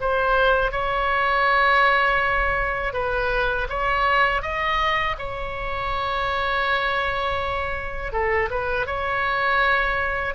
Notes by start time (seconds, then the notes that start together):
0.00 C5
0.72 C#5
2.93 B4
3.69 C#5
4.42 D#5
5.18 C#5
8.12 A4
8.50 B4
8.86 C#5